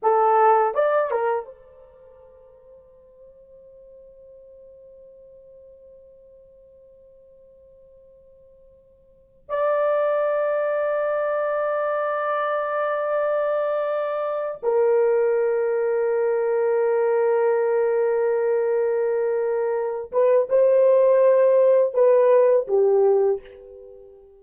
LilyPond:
\new Staff \with { instrumentName = "horn" } { \time 4/4 \tempo 4 = 82 a'4 d''8 ais'8 c''2~ | c''1~ | c''1~ | c''4 d''2.~ |
d''1 | ais'1~ | ais'2.~ ais'8 b'8 | c''2 b'4 g'4 | }